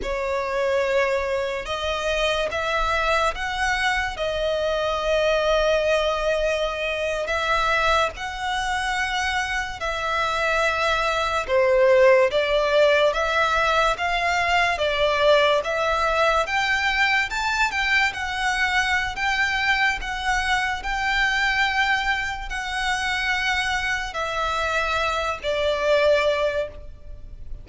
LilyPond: \new Staff \with { instrumentName = "violin" } { \time 4/4 \tempo 4 = 72 cis''2 dis''4 e''4 | fis''4 dis''2.~ | dis''8. e''4 fis''2 e''16~ | e''4.~ e''16 c''4 d''4 e''16~ |
e''8. f''4 d''4 e''4 g''16~ | g''8. a''8 g''8 fis''4~ fis''16 g''4 | fis''4 g''2 fis''4~ | fis''4 e''4. d''4. | }